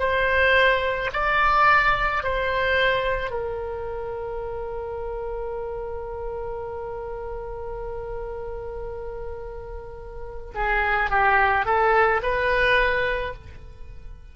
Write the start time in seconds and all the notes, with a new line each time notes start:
0.00 C5
1.13 D5
2.24 C5
3.31 A#4
10.55 G#4
11.11 G4
11.66 A4
12.23 B4